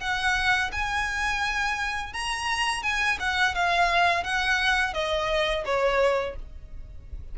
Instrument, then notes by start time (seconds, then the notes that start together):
violin
0.00 F#5
0.72 G#5
2.13 A#5
2.82 G#5
3.19 F#5
3.55 F5
4.23 F#5
4.93 D#5
5.65 C#5